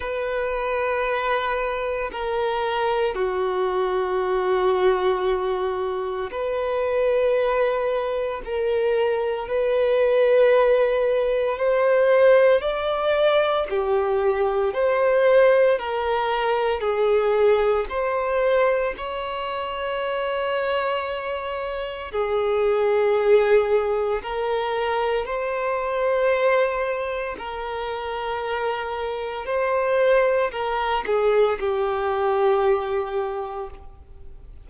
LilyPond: \new Staff \with { instrumentName = "violin" } { \time 4/4 \tempo 4 = 57 b'2 ais'4 fis'4~ | fis'2 b'2 | ais'4 b'2 c''4 | d''4 g'4 c''4 ais'4 |
gis'4 c''4 cis''2~ | cis''4 gis'2 ais'4 | c''2 ais'2 | c''4 ais'8 gis'8 g'2 | }